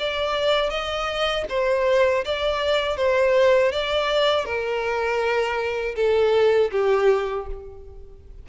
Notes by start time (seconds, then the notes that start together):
0.00 D5
0.70 D#5
1.50 C5
2.26 D5
2.97 C5
3.72 D5
4.46 A#4
5.96 A4
6.72 G4